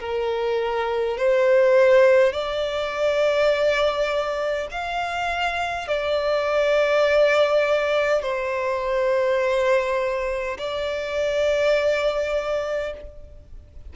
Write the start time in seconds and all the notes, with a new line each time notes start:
0.00 A#4
1.18 C5
2.33 D5
4.71 F5
5.88 D5
8.22 C5
10.58 D5